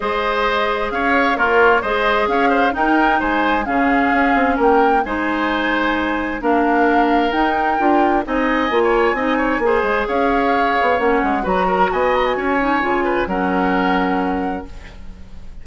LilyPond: <<
  \new Staff \with { instrumentName = "flute" } { \time 4/4 \tempo 4 = 131 dis''2 f''4 cis''4 | dis''4 f''4 g''4 gis''4 | f''2 g''4 gis''4~ | gis''2 f''2 |
g''2 gis''2~ | gis''2 f''2 | fis''4 ais''4 gis''8 ais''16 gis''4~ gis''16~ | gis''4 fis''2. | }
  \new Staff \with { instrumentName = "oboe" } { \time 4/4 c''2 cis''4 f'4 | c''4 cis''8 c''8 ais'4 c''4 | gis'2 ais'4 c''4~ | c''2 ais'2~ |
ais'2 dis''4~ dis''16 cis''8. | dis''8 cis''8 c''4 cis''2~ | cis''4 b'8 ais'8 dis''4 cis''4~ | cis''8 b'8 ais'2. | }
  \new Staff \with { instrumentName = "clarinet" } { \time 4/4 gis'2. ais'4 | gis'2 dis'2 | cis'2. dis'4~ | dis'2 d'2 |
dis'4 f'4 dis'4 f'4 | dis'4 gis'2. | cis'4 fis'2~ fis'8 dis'8 | f'4 cis'2. | }
  \new Staff \with { instrumentName = "bassoon" } { \time 4/4 gis2 cis'4 ais4 | gis4 cis'4 dis'4 gis4 | cis4 cis'8 c'8 ais4 gis4~ | gis2 ais2 |
dis'4 d'4 c'4 ais4 | c'4 ais8 gis8 cis'4. b8 | ais8 gis8 fis4 b4 cis'4 | cis4 fis2. | }
>>